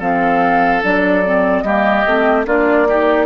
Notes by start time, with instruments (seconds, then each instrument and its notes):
0.00 bassoon F3, clarinet C4, oboe A4, flute F5
0.83 bassoon F#3, clarinet D4, flute D5
1.25 clarinet C4
1.62 bassoon G3, clarinet A#3, oboe G4, flute D#5
2.07 bassoon A3, clarinet C4
2.46 bassoon A#3, clarinet D4, oboe F4, flute D5
2.89 clarinet D#4, oboe G4